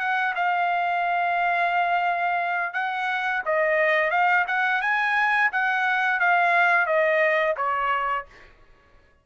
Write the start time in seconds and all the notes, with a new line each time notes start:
0.00 F#5
0.36 F5
2.74 F#5
3.45 D#5
4.11 F5
4.48 F#5
4.82 G#5
5.53 F#5
6.20 F5
6.87 D#5
7.57 C#5